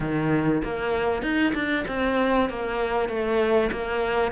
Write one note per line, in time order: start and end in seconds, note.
0.00 0.62 D#3
0.64 1.22 A#3
1.22 1.53 D#4
1.54 1.85 D4
1.87 2.49 C4
2.49 3.08 A#3
3.08 3.70 A3
3.71 4.31 A#3